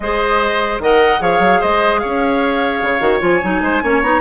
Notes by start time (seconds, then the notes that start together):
0.00 G#3 G#4 C5 D#5
0.79 D#3 A#4 D#5 F#5
1.20 F3 G#4 C#5 F5
1.39 F#3
1.60 G#3 C5 D#5
1.98 C#4 C#5 F5
2.82 C#3
2.99 D#3 F#4
3.20 F3 F4 G#5
3.43 F#3 D#4
3.61 G#3 C5
3.83 A#3 C#4 C#5
4.02 B3 D#4 A#5